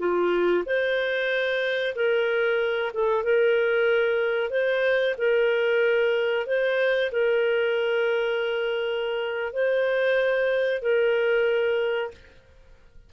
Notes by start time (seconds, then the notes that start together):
0.00 F4
0.66 C5
1.96 A#4
2.94 A4
3.24 A#4
4.51 C5
5.18 A#4
6.47 C5
7.12 A#4
9.53 C5
10.82 A#4